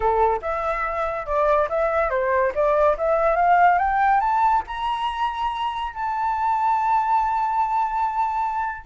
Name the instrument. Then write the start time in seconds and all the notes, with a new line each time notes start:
flute
0.00 A4
0.41 E5
1.26 D5
1.69 E5
2.10 C5
2.54 D5
2.97 E5
3.36 F5
3.78 G5
4.20 A5
4.67 A#5
5.93 A5